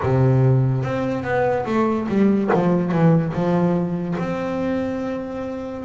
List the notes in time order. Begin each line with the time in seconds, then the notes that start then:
0.02 C3
0.83 C4
1.23 B3
1.65 A3
2.08 G3
2.53 F3
2.91 E3
3.33 F3
4.19 C4